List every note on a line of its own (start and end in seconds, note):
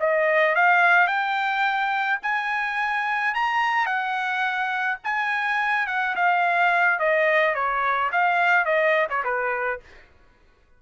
0.00 0.55 D#5
0.55 1.07 F5
1.07 2.19 G5
2.23 3.35 G#5
3.35 3.86 A#5
3.86 4.98 F#5
5.04 5.87 G#5
5.87 6.15 F#5
6.16 6.99 F5
6.99 7.55 D#5
7.55 8.11 C#5
8.12 8.65 F5
8.65 9.07 D#5
9.10 9.24 C#5
9.24 9.80 B4